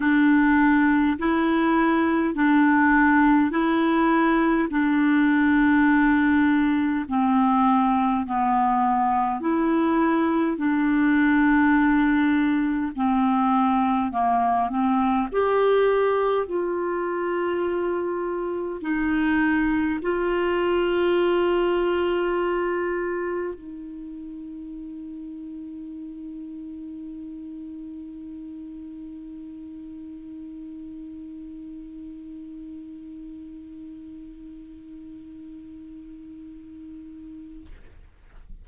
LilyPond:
\new Staff \with { instrumentName = "clarinet" } { \time 4/4 \tempo 4 = 51 d'4 e'4 d'4 e'4 | d'2 c'4 b4 | e'4 d'2 c'4 | ais8 c'8 g'4 f'2 |
dis'4 f'2. | dis'1~ | dis'1~ | dis'1 | }